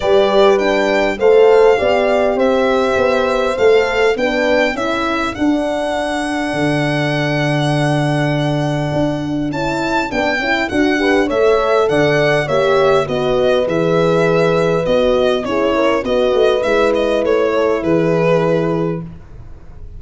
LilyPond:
<<
  \new Staff \with { instrumentName = "violin" } { \time 4/4 \tempo 4 = 101 d''4 g''4 f''2 | e''2 f''4 g''4 | e''4 fis''2.~ | fis''1 |
a''4 g''4 fis''4 e''4 | fis''4 e''4 dis''4 e''4~ | e''4 dis''4 cis''4 dis''4 | e''8 dis''8 cis''4 b'2 | }
  \new Staff \with { instrumentName = "horn" } { \time 4/4 b'2 c''4 d''4 | c''2. b'4 | a'1~ | a'1~ |
a'2~ a'8 b'8 cis''4 | d''4 cis''4 b'2~ | b'2 gis'8 ais'8 b'4~ | b'4. a'8 gis'2 | }
  \new Staff \with { instrumentName = "horn" } { \time 4/4 g'4 d'4 a'4 g'4~ | g'2 a'4 d'4 | e'4 d'2.~ | d'1 |
e'4 d'8 e'8 fis'8 g'8 a'4~ | a'4 g'4 fis'4 gis'4~ | gis'4 fis'4 e'4 fis'4 | e'1 | }
  \new Staff \with { instrumentName = "tuba" } { \time 4/4 g2 a4 b4 | c'4 b4 a4 b4 | cis'4 d'2 d4~ | d2. d'4 |
cis'4 b8 cis'8 d'4 a4 | d4 ais4 b4 e4~ | e4 b4 cis'4 b8 a8 | gis4 a4 e2 | }
>>